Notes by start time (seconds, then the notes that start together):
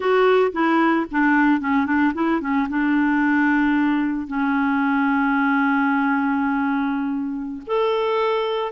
0.00 F#4
0.52 E4
1.11 D4
1.60 C#4
1.86 D4
2.14 E4
2.40 C#4
2.69 D4
4.27 C#4
7.66 A4